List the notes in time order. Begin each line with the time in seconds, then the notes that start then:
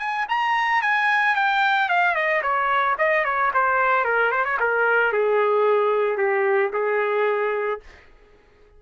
0.00 G#5
0.29 A#5
0.82 G#5
1.36 G5
1.90 F5
2.16 D#5
2.43 C#5
2.99 D#5
3.25 C#5
3.54 C5
4.05 A#4
4.32 C5
4.45 C#5
4.60 A#4
5.13 G#4
6.18 G4
6.73 G#4